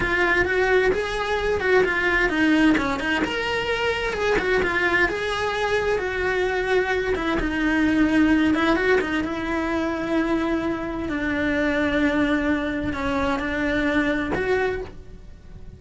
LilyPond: \new Staff \with { instrumentName = "cello" } { \time 4/4 \tempo 4 = 130 f'4 fis'4 gis'4. fis'8 | f'4 dis'4 cis'8 dis'8 ais'4~ | ais'4 gis'8 fis'8 f'4 gis'4~ | gis'4 fis'2~ fis'8 e'8 |
dis'2~ dis'8 e'8 fis'8 dis'8 | e'1 | d'1 | cis'4 d'2 fis'4 | }